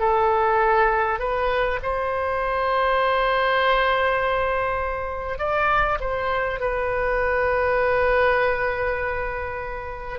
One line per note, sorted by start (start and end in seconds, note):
0.00 1.19 A4
1.19 1.79 B4
1.83 5.38 C5
5.38 5.98 D5
6.00 6.60 C5
6.61 10.19 B4